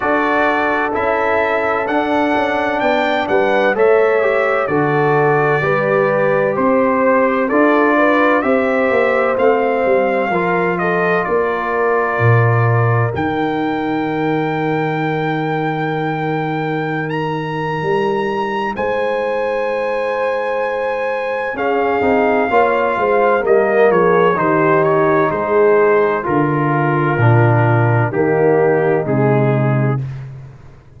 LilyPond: <<
  \new Staff \with { instrumentName = "trumpet" } { \time 4/4 \tempo 4 = 64 d''4 e''4 fis''4 g''8 fis''8 | e''4 d''2 c''4 | d''4 e''4 f''4. dis''8 | d''2 g''2~ |
g''2~ g''16 ais''4.~ ais''16 | gis''2. f''4~ | f''4 dis''8 cis''8 c''8 cis''8 c''4 | ais'2 g'4 gis'4 | }
  \new Staff \with { instrumentName = "horn" } { \time 4/4 a'2. d''8 b'8 | cis''4 a'4 b'4 c''4 | a'8 b'8 c''2 ais'8 a'8 | ais'1~ |
ais'1 | c''2. gis'4 | cis''8 c''8 ais'8 gis'8 g'4 gis'4 | f'2 dis'2 | }
  \new Staff \with { instrumentName = "trombone" } { \time 4/4 fis'4 e'4 d'2 | a'8 g'8 fis'4 g'2 | f'4 g'4 c'4 f'4~ | f'2 dis'2~ |
dis'1~ | dis'2. cis'8 dis'8 | f'4 ais4 dis'2 | f'4 d'4 ais4 gis4 | }
  \new Staff \with { instrumentName = "tuba" } { \time 4/4 d'4 cis'4 d'8 cis'8 b8 g8 | a4 d4 g4 c'4 | d'4 c'8 ais8 a8 g8 f4 | ais4 ais,4 dis2~ |
dis2. g4 | gis2. cis'8 c'8 | ais8 gis8 g8 f8 dis4 gis4 | d4 ais,4 dis4 c4 | }
>>